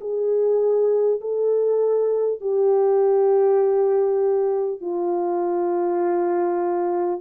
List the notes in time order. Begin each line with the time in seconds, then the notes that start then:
0.00 G#4
1.21 A4
2.40 G4
4.80 F4